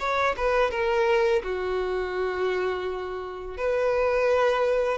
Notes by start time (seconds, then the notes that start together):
0.00 C#5
0.37 B4
0.71 A#4
1.44 F#4
3.58 B4